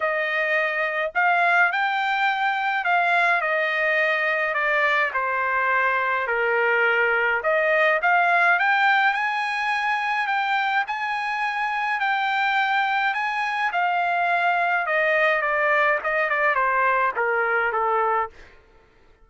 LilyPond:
\new Staff \with { instrumentName = "trumpet" } { \time 4/4 \tempo 4 = 105 dis''2 f''4 g''4~ | g''4 f''4 dis''2 | d''4 c''2 ais'4~ | ais'4 dis''4 f''4 g''4 |
gis''2 g''4 gis''4~ | gis''4 g''2 gis''4 | f''2 dis''4 d''4 | dis''8 d''8 c''4 ais'4 a'4 | }